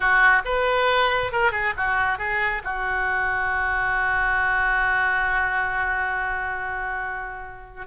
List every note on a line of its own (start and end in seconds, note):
0.00 0.42 F#4
0.45 1.32 B4
1.32 1.51 A#4
1.51 1.73 G#4
1.76 2.18 F#4
2.18 2.62 G#4
2.64 7.86 F#4